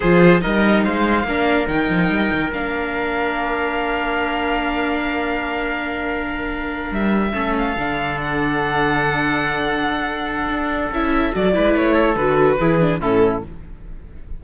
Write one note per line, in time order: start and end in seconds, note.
0.00 0.44 F3
0.00 0.41 F4
0.00 0.42 G#4
0.00 0.40 C5
0.41 0.86 G3
0.41 1.25 D#4
0.41 0.84 A#4
0.41 0.83 D#5
0.84 1.24 G#3
0.84 1.26 C5
0.84 1.67 F5
1.24 1.66 A#3
1.24 1.67 D4
1.24 7.34 A#4
1.67 1.88 D#3
1.67 2.51 D#4
1.67 2.51 G5
1.89 2.09 F3
2.09 2.30 G3
2.32 2.52 D#3
2.52 6.91 A#3
2.52 7.33 D4
2.52 6.93 F5
6.91 7.33 G3
6.91 7.56 E5
7.33 7.76 A3
7.33 7.75 C#4
7.33 11.54 A4
7.58 8.20 F5
7.76 10.48 D3
7.76 10.93 D4
8.20 10.92 F#5
10.48 10.90 D4
10.90 11.32 C#4
10.90 11.32 E4
10.90 11.34 E5
11.32 11.56 F#3
11.32 11.52 F#4
11.32 11.77 D5
11.52 11.75 G#3
11.52 12.15 E4
11.52 11.94 B4
11.75 12.15 A3
11.75 12.16 C#5
11.94 12.57 A4
12.15 12.57 D3
12.15 12.59 F#4
12.15 13.00 B4
12.59 12.99 E3
12.59 12.80 E4
12.59 13.00 G#4
12.80 13.01 D4
12.99 13.41 A2
12.99 13.43 C#4
12.99 13.42 E4
12.99 13.43 A4